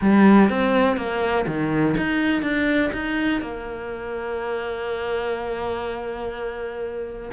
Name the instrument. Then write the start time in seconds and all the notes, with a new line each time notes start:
cello
0.01 G3
0.49 C4
0.96 A#3
1.47 D#3
1.97 D#4
2.41 D4
2.93 D#4
3.41 A#3